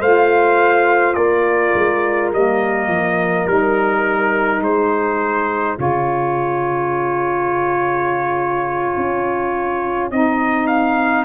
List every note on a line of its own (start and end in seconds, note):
0.00 1.16 A3
0.00 2.33 F4
0.00 1.15 C5
0.00 1.14 F5
1.14 1.74 A#3
1.14 4.61 A#4
1.14 2.30 D5
1.75 2.32 G#3
2.33 2.88 G3
2.33 3.48 A#3
2.33 3.47 D#5
2.88 3.45 F3
3.47 4.61 G3
3.47 5.77 D#4
3.47 4.63 A#4
4.61 5.76 G#3
4.61 11.24 G#4
4.61 5.79 C5
5.77 8.96 C#3
5.77 10.10 F4
5.77 10.11 C#5
8.97 10.11 C#4
10.11 11.25 C4
10.11 11.25 D#4
10.11 10.67 D#5
10.67 11.25 F5